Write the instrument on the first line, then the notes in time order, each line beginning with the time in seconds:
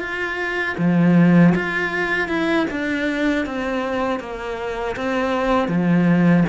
cello
0.00 F4
0.78 F3
1.55 F4
2.29 E4
2.71 D4
3.46 C4
4.20 A#3
4.97 C4
5.69 F3